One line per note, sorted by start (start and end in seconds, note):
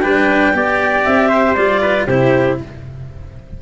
0.00 0.54 G3
0.00 0.54 D4
0.00 0.55 B4
0.00 1.03 G5
0.54 1.05 B3
0.54 1.57 G4
0.54 1.29 D5
1.04 1.57 C4
1.04 1.55 E5
1.29 1.81 C5
1.55 2.08 G3
1.55 2.08 F4
1.55 2.06 D5
1.82 2.08 B4
2.07 2.59 C3
2.07 2.62 E4
2.07 2.59 G4
2.07 2.58 C5